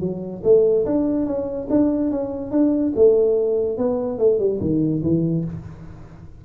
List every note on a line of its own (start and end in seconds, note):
0.00 0.42 F#3
0.44 0.85 A3
0.85 1.26 D4
1.26 1.68 C#4
1.70 2.10 D4
2.10 2.51 C#4
2.51 2.93 D4
2.96 3.78 A3
3.78 4.18 B3
4.18 4.39 A3
4.39 4.60 G3
4.61 5.02 D#3
5.03 5.44 E3